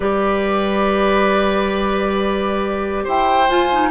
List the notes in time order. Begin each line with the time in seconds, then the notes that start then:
0.00 G3 G4 B4 D5
3.03 E4 C5 G5
3.48 F4 G#5
3.72 D#4